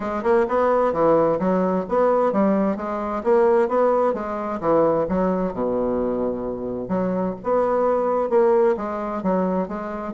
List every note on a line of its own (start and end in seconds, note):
0.00 0.23 G#3
0.23 0.46 A#3
0.48 0.92 B3
0.92 1.38 E3
1.39 1.85 F#3
1.88 2.32 B3
2.32 2.76 G3
2.76 3.22 G#3
3.23 3.68 A#3
3.68 4.13 B3
4.13 4.59 G#3
4.60 5.06 E3
5.08 5.53 F#3
5.53 6.88 B2
6.88 7.34 F#3
7.43 8.29 B3
8.29 8.75 A#3
8.76 9.22 G#3
9.22 9.68 F#3
9.68 10.13 G#3